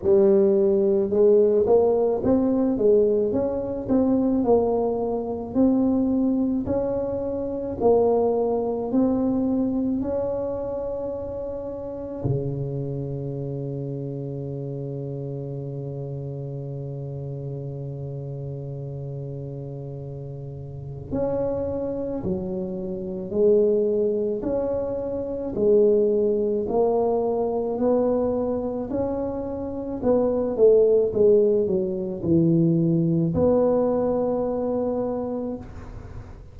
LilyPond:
\new Staff \with { instrumentName = "tuba" } { \time 4/4 \tempo 4 = 54 g4 gis8 ais8 c'8 gis8 cis'8 c'8 | ais4 c'4 cis'4 ais4 | c'4 cis'2 cis4~ | cis1~ |
cis2. cis'4 | fis4 gis4 cis'4 gis4 | ais4 b4 cis'4 b8 a8 | gis8 fis8 e4 b2 | }